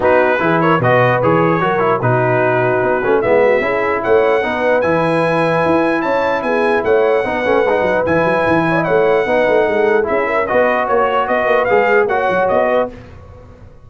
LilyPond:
<<
  \new Staff \with { instrumentName = "trumpet" } { \time 4/4 \tempo 4 = 149 b'4. cis''8 dis''4 cis''4~ | cis''4 b'2. | e''2 fis''2 | gis''2. a''4 |
gis''4 fis''2. | gis''2 fis''2~ | fis''4 e''4 dis''4 cis''4 | dis''4 f''4 fis''4 dis''4 | }
  \new Staff \with { instrumentName = "horn" } { \time 4/4 fis'4 gis'8 ais'8 b'2 | ais'4 fis'2. | e'8 fis'8 gis'4 cis''4 b'4~ | b'2. cis''4 |
gis'4 cis''4 b'2~ | b'4. cis''16 dis''16 cis''4 b'4 | a'4 gis'8 ais'8 b'4 cis''4 | b'2 cis''4. b'8 | }
  \new Staff \with { instrumentName = "trombone" } { \time 4/4 dis'4 e'4 fis'4 gis'4 | fis'8 e'8 dis'2~ dis'8 cis'8 | b4 e'2 dis'4 | e'1~ |
e'2 dis'8 cis'8 dis'4 | e'2. dis'4~ | dis'4 e'4 fis'2~ | fis'4 gis'4 fis'2 | }
  \new Staff \with { instrumentName = "tuba" } { \time 4/4 b4 e4 b,4 e4 | fis4 b,2 b8 a8 | gis4 cis'4 a4 b4 | e2 e'4 cis'4 |
b4 a4 b8 a8 gis8 fis8 | e8 fis8 e4 a4 b8 a8 | gis4 cis'4 b4 ais4 | b8 ais8 gis4 ais8 fis8 b4 | }
>>